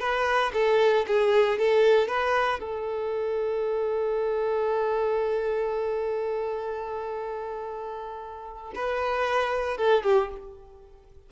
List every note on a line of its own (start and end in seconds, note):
0.00 0.52 B4
0.54 1.06 A4
1.07 1.59 G#4
1.59 2.08 A4
2.08 2.60 B4
2.60 8.73 A4
8.75 9.78 B4
9.78 10.04 A4
10.04 10.30 G4